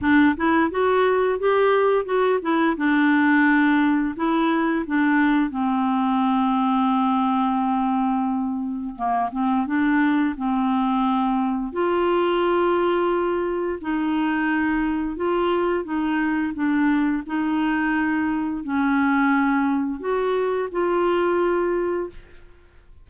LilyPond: \new Staff \with { instrumentName = "clarinet" } { \time 4/4 \tempo 4 = 87 d'8 e'8 fis'4 g'4 fis'8 e'8 | d'2 e'4 d'4 | c'1~ | c'4 ais8 c'8 d'4 c'4~ |
c'4 f'2. | dis'2 f'4 dis'4 | d'4 dis'2 cis'4~ | cis'4 fis'4 f'2 | }